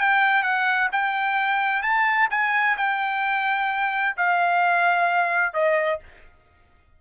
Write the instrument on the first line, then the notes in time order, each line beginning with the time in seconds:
trumpet
0.00 G5
0.43 F#5
0.92 G5
1.82 A5
2.31 G#5
2.77 G5
4.17 F5
5.53 D#5